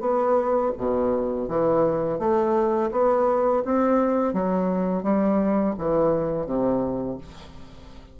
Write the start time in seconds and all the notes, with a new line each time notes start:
0.00 B3
0.78 B2
1.48 E3
2.19 A3
2.92 B3
3.65 C4
4.33 F#3
5.03 G3
5.78 E3
6.46 C3